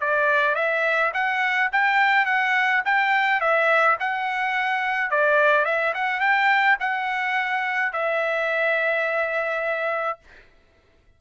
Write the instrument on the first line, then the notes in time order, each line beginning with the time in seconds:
trumpet
0.00 D5
0.55 E5
1.13 F#5
1.72 G5
2.25 F#5
2.85 G5
3.40 E5
4.00 F#5
5.10 D5
5.65 E5
5.94 F#5
6.20 G5
6.80 F#5
7.92 E5